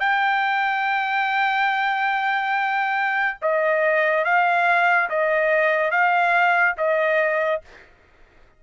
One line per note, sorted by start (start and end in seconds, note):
0.00 3.38 G5
3.42 4.25 D#5
4.25 5.10 F5
5.10 5.91 D#5
5.91 6.76 F5
6.78 7.62 D#5